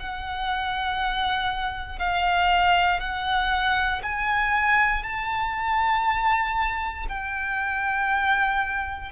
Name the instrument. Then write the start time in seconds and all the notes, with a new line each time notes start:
violin
0.00 F#5
1.99 F5
3.00 F#5
4.04 G#5
5.03 A5
7.09 G5